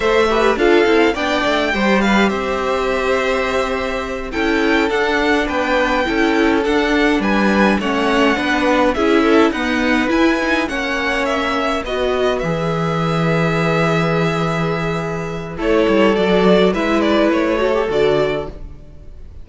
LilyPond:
<<
  \new Staff \with { instrumentName = "violin" } { \time 4/4 \tempo 4 = 104 e''4 f''4 g''4. f''8 | e''2.~ e''8 g''8~ | g''8 fis''4 g''2 fis''8~ | fis''8 gis''4 fis''2 e''8~ |
e''8 fis''4 gis''4 fis''4 e''8~ | e''8 dis''4 e''2~ e''8~ | e''2. cis''4 | d''4 e''8 d''8 cis''4 d''4 | }
  \new Staff \with { instrumentName = "violin" } { \time 4/4 c''8 b'8 a'4 d''4 c''8 b'8 | c''2.~ c''8 a'8~ | a'4. b'4 a'4.~ | a'8 b'4 cis''4 b'4 gis'8 |
a'8 b'2 cis''4.~ | cis''8 b'2.~ b'8~ | b'2. a'4~ | a'4 b'4. a'4. | }
  \new Staff \with { instrumentName = "viola" } { \time 4/4 a'8 g'8 f'8 e'8 d'4 g'4~ | g'2.~ g'8 e'8~ | e'8 d'2 e'4 d'8~ | d'4. cis'4 d'4 e'8~ |
e'8 b4 e'8 dis'8 cis'4.~ | cis'8 fis'4 gis'2~ gis'8~ | gis'2. e'4 | fis'4 e'4. fis'16 g'16 fis'4 | }
  \new Staff \with { instrumentName = "cello" } { \time 4/4 a4 d'8 c'8 b8 a8 g4 | c'2.~ c'8 cis'8~ | cis'8 d'4 b4 cis'4 d'8~ | d'8 g4 a4 b4 cis'8~ |
cis'8 dis'4 e'4 ais4.~ | ais8 b4 e2~ e8~ | e2. a8 g8 | fis4 gis4 a4 d4 | }
>>